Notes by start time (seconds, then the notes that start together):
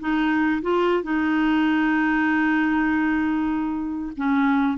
0.00 D#4
0.62 F4
1.03 D#4
4.17 C#4